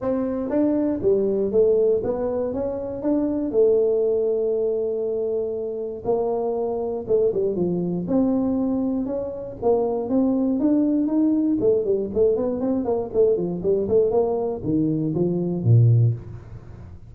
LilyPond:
\new Staff \with { instrumentName = "tuba" } { \time 4/4 \tempo 4 = 119 c'4 d'4 g4 a4 | b4 cis'4 d'4 a4~ | a1 | ais2 a8 g8 f4 |
c'2 cis'4 ais4 | c'4 d'4 dis'4 a8 g8 | a8 b8 c'8 ais8 a8 f8 g8 a8 | ais4 dis4 f4 ais,4 | }